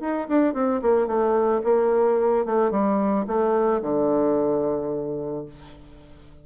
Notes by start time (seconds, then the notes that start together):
0.00 D#4
0.28 D4
0.54 C4
0.82 A#3
1.07 A3
1.63 A#3
2.45 A3
2.71 G3
3.27 A3
3.82 D3